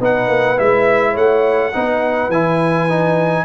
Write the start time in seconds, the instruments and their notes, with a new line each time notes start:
0.00 tuba B3, trombone D#4, horn B4, trumpet F#5
0.29 tuba A#3
0.57 tuba G#3, trombone E4, trumpet E5
1.12 tuba A3, horn C#5, trumpet F#5
1.73 tuba B3, trombone D#4, horn B4
2.29 tuba E3, trombone E4, trumpet G#5
2.89 trombone D#4